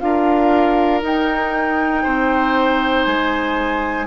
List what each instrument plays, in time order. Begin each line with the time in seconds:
0.00 bassoon D4, clarinet F4, oboe A#4, flute F5
1.02 clarinet D#4, bassoon D#4, flute G5
2.03 bassoon C4, oboe C5
3.05 bassoon G#3, flute G#5